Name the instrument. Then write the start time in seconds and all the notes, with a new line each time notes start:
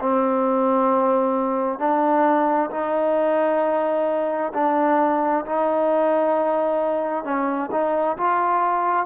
trombone
0.00 C4
1.79 D4
2.71 D#4
4.54 D4
5.45 D#4
7.24 C#4
7.71 D#4
8.17 F4